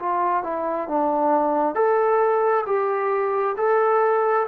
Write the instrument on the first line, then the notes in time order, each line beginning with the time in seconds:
trombone
0.00 F4
0.44 E4
0.89 D4
1.75 A4
2.67 G4
3.57 A4